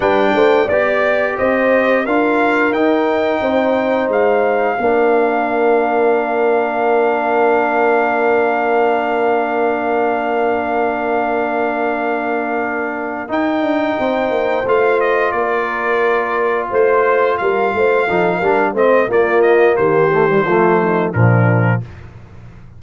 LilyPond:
<<
  \new Staff \with { instrumentName = "trumpet" } { \time 4/4 \tempo 4 = 88 g''4 d''4 dis''4 f''4 | g''2 f''2~ | f''1~ | f''1~ |
f''2.~ f''8 g''8~ | g''4. f''8 dis''8 d''4.~ | d''8 c''4 f''2 dis''8 | d''8 dis''8 c''2 ais'4 | }
  \new Staff \with { instrumentName = "horn" } { \time 4/4 b'8 c''8 d''4 c''4 ais'4~ | ais'4 c''2 ais'4~ | ais'1~ | ais'1~ |
ais'1~ | ais'8 c''2 ais'4.~ | ais'8 c''4 ais'8 c''8 a'8 ais'8 c''8 | f'4 g'4 f'8 dis'8 d'4 | }
  \new Staff \with { instrumentName = "trombone" } { \time 4/4 d'4 g'2 f'4 | dis'2. d'4~ | d'1~ | d'1~ |
d'2.~ d'8 dis'8~ | dis'4. f'2~ f'8~ | f'2~ f'8 dis'8 d'8 c'8 | ais4. a16 g16 a4 f4 | }
  \new Staff \with { instrumentName = "tuba" } { \time 4/4 g8 a8 b4 c'4 d'4 | dis'4 c'4 gis4 ais4~ | ais1~ | ais1~ |
ais2.~ ais8 dis'8 | d'8 c'8 ais8 a4 ais4.~ | ais8 a4 g8 a8 f8 g8 a8 | ais4 dis4 f4 ais,4 | }
>>